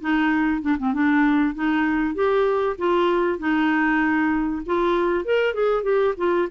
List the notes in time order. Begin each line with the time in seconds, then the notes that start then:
0.00 D#4
0.61 D4
0.78 C4
0.93 D4
1.55 D#4
2.15 G4
2.78 F4
3.39 D#4
4.66 F4
5.25 A#4
5.54 G#4
5.83 G4
6.17 F4